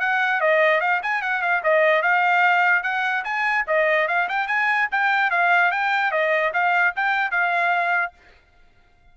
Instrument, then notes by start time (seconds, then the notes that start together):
trumpet
0.00 F#5
0.41 D#5
0.81 F5
1.03 G#5
1.22 F#5
1.42 F5
1.63 D#5
2.02 F5
2.83 F#5
3.24 G#5
3.67 D#5
4.08 F5
4.29 G5
4.47 G#5
4.91 G5
5.31 F5
5.72 G5
6.12 D#5
6.54 F5
6.96 G5
7.31 F5